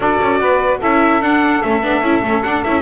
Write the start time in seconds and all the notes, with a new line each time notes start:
0.00 D4 F#4 A4 D5
0.21 C#4
0.40 B3 B4
0.79 C#4 E4 A4 E5
1.21 D4 F#5
1.62 A3 C#4 E5
1.82 B3 D4
2.01 C#4 E4
2.23 A3 C#4
2.43 D4 F#5
2.63 C#4 E4 E5